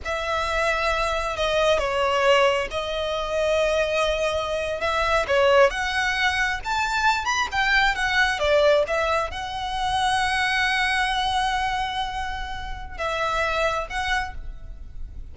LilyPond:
\new Staff \with { instrumentName = "violin" } { \time 4/4 \tempo 4 = 134 e''2. dis''4 | cis''2 dis''2~ | dis''2~ dis''8. e''4 cis''16~ | cis''8. fis''2 a''4~ a''16~ |
a''16 b''8 g''4 fis''4 d''4 e''16~ | e''8. fis''2.~ fis''16~ | fis''1~ | fis''4 e''2 fis''4 | }